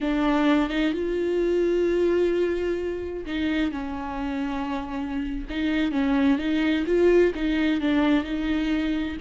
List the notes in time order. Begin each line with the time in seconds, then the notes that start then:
0.00 D4
0.69 D#4
0.92 F4
3.25 D#4
3.71 C#4
5.49 D#4
5.91 C#4
6.38 D#4
6.86 F4
7.34 D#4
7.81 D4
8.24 D#4